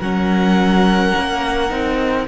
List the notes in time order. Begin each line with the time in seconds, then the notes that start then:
0.00 F#3 C#4 A#4 F#5
1.18 A#3
1.70 C4 D#4